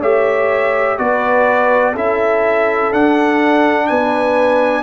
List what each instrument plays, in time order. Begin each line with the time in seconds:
0.00 tuba A3, trombone G4, horn C#5, trumpet E5
0.98 tuba B3, trombone F#4, horn B4, trumpet D5
1.92 tuba C#4, trombone E4, horn A4, trumpet E5
2.92 tuba D4, trombone D4, trumpet F#5
3.87 tuba B3, horn B4, trumpet G#5